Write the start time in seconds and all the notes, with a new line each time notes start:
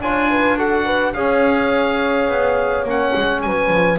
0.00 D4 F4 C#5 G#5
0.30 B4
0.58 F#4 A4 F#5
0.85 B4
1.14 C#4 G#4 C#5 F5
2.28 B3
2.84 A#3 C#4 F#5
3.16 G#3
3.42 F#3 B4 G#5
3.70 F3